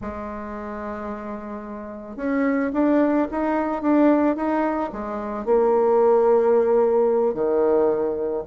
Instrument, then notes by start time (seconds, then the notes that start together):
bassoon
0.01 G#3
2.16 C#4
2.73 D4
3.31 D#4
3.82 D4
4.35 D#4
4.92 G#3
5.45 A#3
7.34 D#3